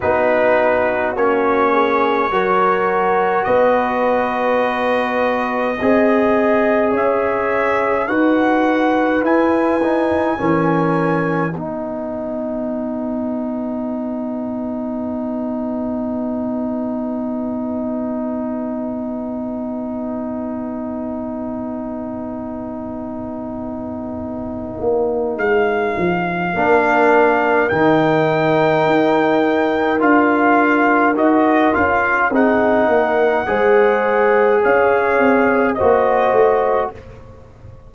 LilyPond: <<
  \new Staff \with { instrumentName = "trumpet" } { \time 4/4 \tempo 4 = 52 b'4 cis''2 dis''4~ | dis''2 e''4 fis''4 | gis''2 fis''2~ | fis''1~ |
fis''1~ | fis''2 f''2 | g''2 f''4 dis''8 f''8 | fis''2 f''4 dis''4 | }
  \new Staff \with { instrumentName = "horn" } { \time 4/4 fis'4. gis'8 ais'4 b'4~ | b'4 dis''4 cis''4 b'4~ | b'4 ais'4 b'2~ | b'1~ |
b'1~ | b'2. ais'4~ | ais'1 | gis'8 ais'8 c''4 cis''4 c''4 | }
  \new Staff \with { instrumentName = "trombone" } { \time 4/4 dis'4 cis'4 fis'2~ | fis'4 gis'2 fis'4 | e'8 dis'8 cis'4 dis'2~ | dis'1~ |
dis'1~ | dis'2. d'4 | dis'2 f'4 fis'8 f'8 | dis'4 gis'2 fis'4 | }
  \new Staff \with { instrumentName = "tuba" } { \time 4/4 b4 ais4 fis4 b4~ | b4 c'4 cis'4 dis'4 | e'4 e4 b2~ | b1~ |
b1~ | b4. ais8 gis8 f8 ais4 | dis4 dis'4 d'4 dis'8 cis'8 | c'8 ais8 gis4 cis'8 c'8 ais8 a8 | }
>>